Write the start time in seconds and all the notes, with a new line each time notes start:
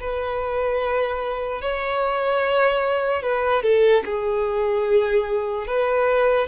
0.00 B4
1.61 C#5
3.22 B4
3.63 A4
4.05 G#4
5.67 B4